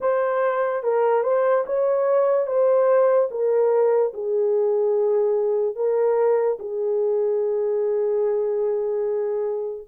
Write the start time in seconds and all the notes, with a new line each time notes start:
0.00 C5
0.83 A#4
1.23 C5
1.66 C#5
2.46 C5
3.30 A#4
4.13 G#4
5.75 A#4
6.59 G#4